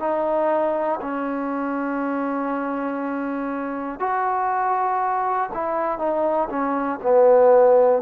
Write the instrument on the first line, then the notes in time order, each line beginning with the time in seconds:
trombone
0.00 D#4
1.02 C#4
4.00 F#4
5.54 E4
5.99 D#4
6.50 C#4
7.03 B3